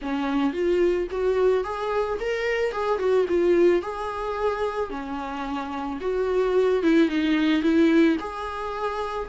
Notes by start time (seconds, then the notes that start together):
0.01 C#4
0.53 F4
1.11 F#4
1.64 G#4
2.20 A#4
2.71 G#4
2.99 F#4
3.28 F4
3.82 G#4
4.90 C#4
6.00 F#4
6.82 E4
7.08 D#4
7.62 E4
8.19 G#4